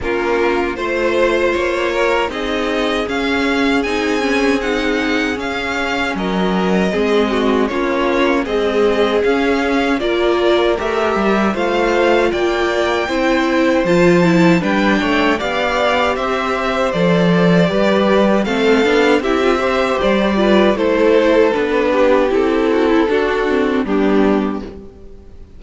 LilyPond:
<<
  \new Staff \with { instrumentName = "violin" } { \time 4/4 \tempo 4 = 78 ais'4 c''4 cis''4 dis''4 | f''4 gis''4 fis''4 f''4 | dis''2 cis''4 dis''4 | f''4 d''4 e''4 f''4 |
g''2 a''4 g''4 | f''4 e''4 d''2 | f''4 e''4 d''4 c''4 | b'4 a'2 g'4 | }
  \new Staff \with { instrumentName = "violin" } { \time 4/4 f'4 c''4. ais'8 gis'4~ | gis'1 | ais'4 gis'8 fis'8 f'4 gis'4~ | gis'4 ais'2 c''4 |
d''4 c''2 b'8 cis''8 | d''4 c''2 b'4 | a'4 g'8 c''4 b'8 a'4~ | a'8 g'4 fis'16 e'16 fis'4 d'4 | }
  \new Staff \with { instrumentName = "viola" } { \time 4/4 cis'4 f'2 dis'4 | cis'4 dis'8 cis'8 dis'4 cis'4~ | cis'4 c'4 cis'4 gis4 | cis'4 f'4 g'4 f'4~ |
f'4 e'4 f'8 e'8 d'4 | g'2 a'4 g'4 | c'8 d'8 e'16 f'16 g'4 f'8 e'4 | d'4 e'4 d'8 c'8 b4 | }
  \new Staff \with { instrumentName = "cello" } { \time 4/4 ais4 a4 ais4 c'4 | cis'4 c'2 cis'4 | fis4 gis4 ais4 c'4 | cis'4 ais4 a8 g8 a4 |
ais4 c'4 f4 g8 a8 | b4 c'4 f4 g4 | a8 b8 c'4 g4 a4 | b4 c'4 d'4 g4 | }
>>